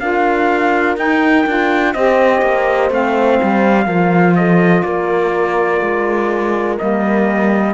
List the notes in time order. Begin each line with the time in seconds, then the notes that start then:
0.00 D4 F4 A#4 F5
0.97 D#4 G5
1.47 D4 F4
1.94 C4 G4 C5 D#5
2.42 A#3
2.91 A3 C4 F5
3.43 G3
3.86 F3 F4 A#4
4.36 A4 D#5
4.83 A#3 A#4 D5
5.81 G#3
6.78 G3 A#3 D#5